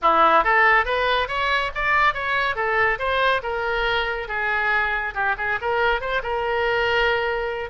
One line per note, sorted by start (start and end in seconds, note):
0.01 0.43 E4
0.43 0.85 A4
0.85 1.28 B4
1.28 1.71 C#5
1.74 2.14 D5
2.14 2.55 C#5
2.55 2.98 A4
2.98 3.41 C5
3.42 4.28 A#4
4.28 5.14 G#4
5.14 5.35 G4
5.37 5.59 G#4
5.61 6.00 A#4
6.00 6.22 C5
6.22 7.69 A#4